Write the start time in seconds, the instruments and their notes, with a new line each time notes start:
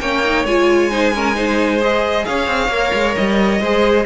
0.00 cello A#3, viola C#4, violin C#5 G5
0.24 viola D#4
0.45 cello G#3, viola F4, violin G#5
0.91 viola D#4, violin C5
1.14 viola C#4, violin A#4
1.35 viola D#4, violin C5
1.81 viola G#4, violin D#5
2.25 cello C#4, violin C#5 F5
2.47 cello C4
2.68 cello A#3, viola A#4
2.94 cello G#3
3.16 cello G3, violin D#5
3.60 cello G#3, viola G#4, violin C5